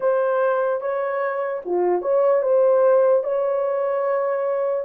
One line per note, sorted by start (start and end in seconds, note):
0.00 0.80 C5
0.80 1.61 C#5
1.65 2.02 F4
2.02 2.42 C#5
2.42 3.23 C5
3.23 4.85 C#5